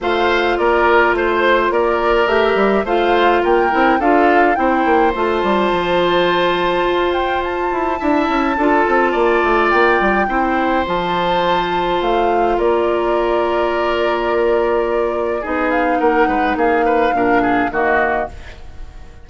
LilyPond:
<<
  \new Staff \with { instrumentName = "flute" } { \time 4/4 \tempo 4 = 105 f''4 d''4 c''4 d''4 | e''4 f''4 g''4 f''4 | g''4 a''2.~ | a''8 g''8 a''2.~ |
a''4 g''2 a''4~ | a''4 f''4 d''2~ | d''2. dis''8 f''8 | fis''4 f''2 dis''4 | }
  \new Staff \with { instrumentName = "oboe" } { \time 4/4 c''4 ais'4 c''4 ais'4~ | ais'4 c''4 ais'4 a'4 | c''1~ | c''2 e''4 a'4 |
d''2 c''2~ | c''2 ais'2~ | ais'2. gis'4 | ais'8 b'8 gis'8 b'8 ais'8 gis'8 fis'4 | }
  \new Staff \with { instrumentName = "clarinet" } { \time 4/4 f'1 | g'4 f'4. e'8 f'4 | e'4 f'2.~ | f'2 e'4 f'4~ |
f'2 e'4 f'4~ | f'1~ | f'2. dis'4~ | dis'2 d'4 ais4 | }
  \new Staff \with { instrumentName = "bassoon" } { \time 4/4 a4 ais4 a4 ais4 | a8 g8 a4 ais8 c'8 d'4 | c'8 ais8 a8 g8 f2 | f'4. e'8 d'8 cis'8 d'8 c'8 |
ais8 a8 ais8 g8 c'4 f4~ | f4 a4 ais2~ | ais2. b4 | ais8 gis8 ais4 ais,4 dis4 | }
>>